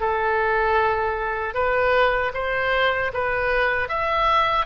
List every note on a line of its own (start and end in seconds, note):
0.00 1.54 A4
1.54 2.32 B4
2.34 3.12 C5
3.13 3.89 B4
3.89 4.66 E5